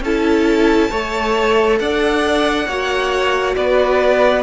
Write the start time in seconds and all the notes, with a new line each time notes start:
0.00 C#4 E4 A4 A5
0.90 A3 A4 C#5
1.78 D4 D5 F#5
2.67 A#3 F#4 C#5
3.55 B3 B4 D5